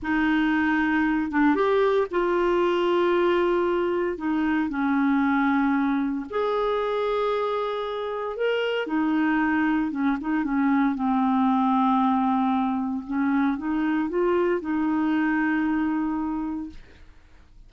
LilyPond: \new Staff \with { instrumentName = "clarinet" } { \time 4/4 \tempo 4 = 115 dis'2~ dis'8 d'8 g'4 | f'1 | dis'4 cis'2. | gis'1 |
ais'4 dis'2 cis'8 dis'8 | cis'4 c'2.~ | c'4 cis'4 dis'4 f'4 | dis'1 | }